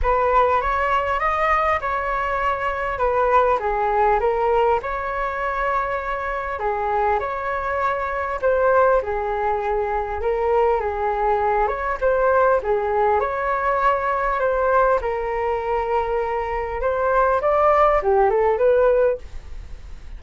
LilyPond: \new Staff \with { instrumentName = "flute" } { \time 4/4 \tempo 4 = 100 b'4 cis''4 dis''4 cis''4~ | cis''4 b'4 gis'4 ais'4 | cis''2. gis'4 | cis''2 c''4 gis'4~ |
gis'4 ais'4 gis'4. cis''8 | c''4 gis'4 cis''2 | c''4 ais'2. | c''4 d''4 g'8 a'8 b'4 | }